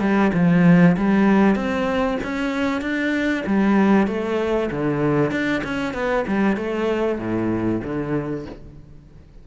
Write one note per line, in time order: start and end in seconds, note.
0.00 0.31 G3
0.34 0.96 F3
0.97 1.55 G3
1.55 2.18 C4
2.24 2.81 C#4
2.81 3.44 D4
3.46 4.07 G3
4.07 4.70 A3
4.71 5.31 D3
5.31 5.62 D4
5.64 5.94 C#4
5.94 6.25 B3
6.27 6.57 G3
6.57 7.19 A3
7.19 7.81 A2
7.84 8.46 D3